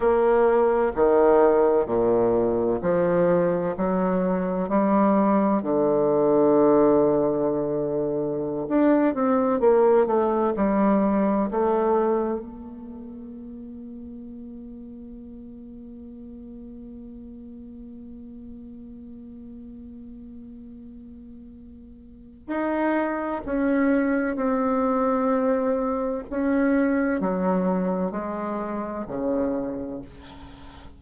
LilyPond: \new Staff \with { instrumentName = "bassoon" } { \time 4/4 \tempo 4 = 64 ais4 dis4 ais,4 f4 | fis4 g4 d2~ | d4~ d16 d'8 c'8 ais8 a8 g8.~ | g16 a4 ais2~ ais8.~ |
ais1~ | ais1 | dis'4 cis'4 c'2 | cis'4 fis4 gis4 cis4 | }